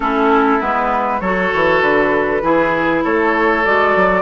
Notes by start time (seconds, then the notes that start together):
0.00 A3 C#4 E4 A4
0.60 G#3 B3 B4
1.20 F#3 F#4 A4 C#5
1.54 E3
1.81 D3 B4
2.42 E3 E4 G#4
3.04 A3 A4 C#5
3.64 G#3 F#4 D5
3.96 F#3